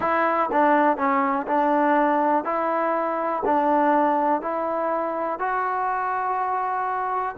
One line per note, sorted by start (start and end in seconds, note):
0.00 0.49 E4
0.52 0.97 D4
0.97 1.46 C#4
1.47 2.44 D4
2.44 3.42 E4
3.45 4.41 D4
4.41 5.39 E4
5.39 7.35 F#4